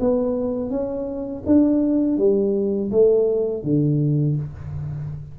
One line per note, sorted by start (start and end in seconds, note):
0.00 0.71 B3
0.71 1.44 C#4
1.46 2.18 D4
2.18 2.91 G3
2.91 3.63 A3
3.63 4.36 D3